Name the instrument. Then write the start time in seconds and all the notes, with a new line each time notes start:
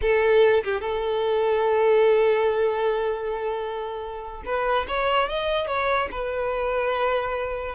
violin
0.01 A4
0.63 G4
0.81 A4
4.45 B4
4.87 C#5
5.29 D#5
5.67 C#5
6.11 B4